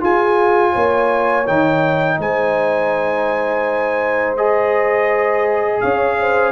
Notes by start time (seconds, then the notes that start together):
0.00 F4 G#4 G#5
0.72 A#3 C#5
1.47 D#3 D#4 G5
2.18 G#3 C5 G#5
4.36 G#4 D#5
5.80 C#4 C#5 F5
6.19 C5